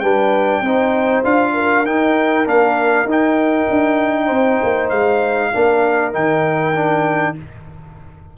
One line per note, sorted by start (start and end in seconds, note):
0.00 0.61 G3
0.00 0.64 D4
0.00 0.63 B4
0.00 1.22 G5
0.61 1.22 C4
0.61 1.24 D#4
0.61 1.54 C5
1.24 1.85 D4
1.24 1.85 F4
1.24 1.86 F5
1.54 4.26 A#4
1.85 2.47 D#4
1.85 2.45 D#4
1.85 2.47 G5
2.45 3.05 A#3
2.45 3.06 D4
2.45 3.09 F5
3.05 3.66 D#4
3.05 5.53 D#4
3.11 4.89 G5
3.70 4.30 D4
4.26 4.61 C4
4.26 5.48 C5
4.63 4.91 A#3
4.89 5.52 G#3
4.89 6.12 F5
5.53 6.15 A#3
5.53 6.12 D4
5.53 7.37 A#4
6.12 7.38 D#3
6.12 6.74 D#4
6.12 7.36 G5
6.74 7.35 D4